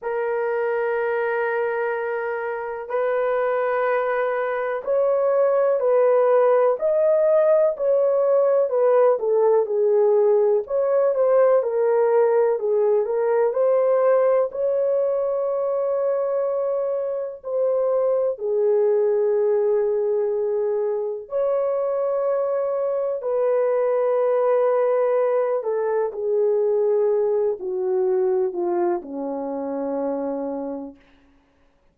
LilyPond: \new Staff \with { instrumentName = "horn" } { \time 4/4 \tempo 4 = 62 ais'2. b'4~ | b'4 cis''4 b'4 dis''4 | cis''4 b'8 a'8 gis'4 cis''8 c''8 | ais'4 gis'8 ais'8 c''4 cis''4~ |
cis''2 c''4 gis'4~ | gis'2 cis''2 | b'2~ b'8 a'8 gis'4~ | gis'8 fis'4 f'8 cis'2 | }